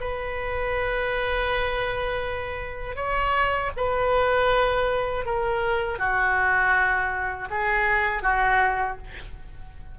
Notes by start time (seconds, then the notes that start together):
0.00 B4
2.96 C#5
3.77 B4
5.25 A#4
5.99 F#4
7.50 G#4
8.23 F#4